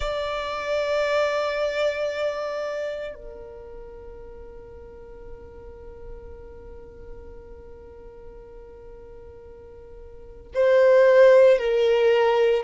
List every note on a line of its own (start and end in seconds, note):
0.00 3.14 D5
3.14 10.51 A#4
10.54 11.58 C5
11.58 12.63 A#4